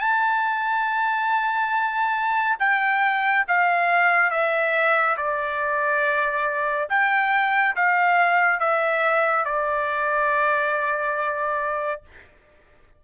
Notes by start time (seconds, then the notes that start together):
0.00 A5
2.59 G5
3.48 F5
4.31 E5
5.17 D5
6.90 G5
7.76 F5
8.60 E5
9.45 D5